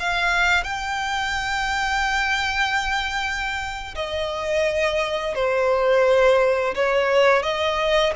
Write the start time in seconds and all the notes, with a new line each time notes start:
0.00 F5
0.64 G5
3.96 D#5
5.35 C5
6.75 C#5
7.43 D#5